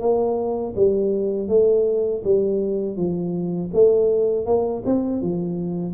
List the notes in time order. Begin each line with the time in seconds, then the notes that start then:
0.00 A#3
0.76 G3
1.48 A3
2.24 G3
2.97 F3
3.73 A3
4.46 A#3
4.85 C4
5.22 F3